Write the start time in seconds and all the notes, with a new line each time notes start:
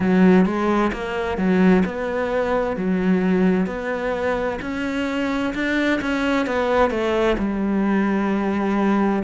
0.00 F#3
0.45 G#3
0.92 A#3
1.37 F#3
1.85 B3
2.76 F#3
3.66 B3
4.61 C#4
5.54 D4
6.01 C#4
6.46 B3
6.90 A3
7.38 G3